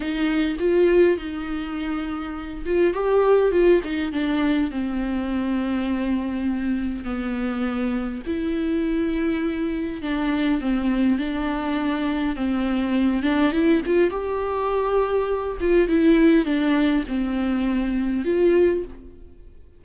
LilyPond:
\new Staff \with { instrumentName = "viola" } { \time 4/4 \tempo 4 = 102 dis'4 f'4 dis'2~ | dis'8 f'8 g'4 f'8 dis'8 d'4 | c'1 | b2 e'2~ |
e'4 d'4 c'4 d'4~ | d'4 c'4. d'8 e'8 f'8 | g'2~ g'8 f'8 e'4 | d'4 c'2 f'4 | }